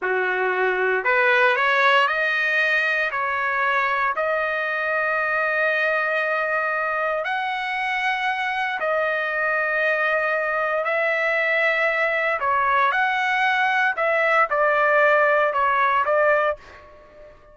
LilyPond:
\new Staff \with { instrumentName = "trumpet" } { \time 4/4 \tempo 4 = 116 fis'2 b'4 cis''4 | dis''2 cis''2 | dis''1~ | dis''2 fis''2~ |
fis''4 dis''2.~ | dis''4 e''2. | cis''4 fis''2 e''4 | d''2 cis''4 d''4 | }